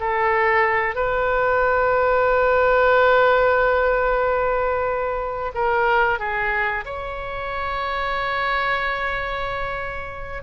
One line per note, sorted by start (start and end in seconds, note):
0.00 0.95 A4
0.95 5.52 B4
5.54 6.19 A#4
6.19 6.84 G#4
6.85 10.43 C#5